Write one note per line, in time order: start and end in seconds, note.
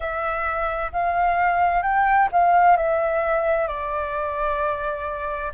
0.00 0.91 E5
0.92 1.82 F5
1.82 2.28 G5
2.32 2.77 F5
2.77 3.67 E5
3.67 5.52 D5